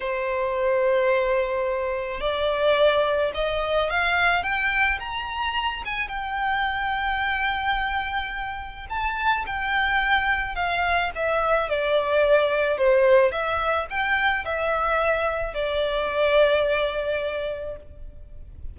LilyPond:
\new Staff \with { instrumentName = "violin" } { \time 4/4 \tempo 4 = 108 c''1 | d''2 dis''4 f''4 | g''4 ais''4. gis''8 g''4~ | g''1 |
a''4 g''2 f''4 | e''4 d''2 c''4 | e''4 g''4 e''2 | d''1 | }